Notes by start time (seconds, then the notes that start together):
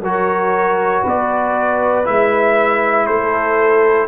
0.00 F#3 F#4 A#4 C#5
1.02 B3 B4 D5
2.04 G#3 E4 E5
3.06 A3 A4 C5